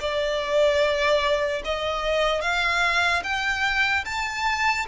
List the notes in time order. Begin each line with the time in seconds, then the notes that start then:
0.00 D5
1.64 D#5
2.41 F5
3.23 G5
4.05 A5